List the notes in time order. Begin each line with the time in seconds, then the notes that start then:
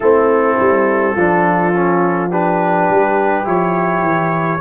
0.00 A3 C4 E4 A4
0.59 G3
1.14 F3 D4 F4
1.73 C#4
2.29 D4 G4 B4
2.90 G3
3.44 F3 E4 C#5
4.01 E3